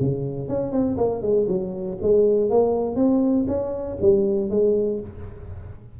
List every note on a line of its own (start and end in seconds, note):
0.00 0.48 C#3
0.48 0.72 C#4
0.72 0.97 C4
0.97 1.22 A#3
1.22 1.47 G#3
1.48 1.98 F#3
2.02 2.50 G#3
2.50 2.96 A#3
2.96 3.46 C4
3.48 3.98 C#4
4.01 4.50 G3
4.50 5.00 G#3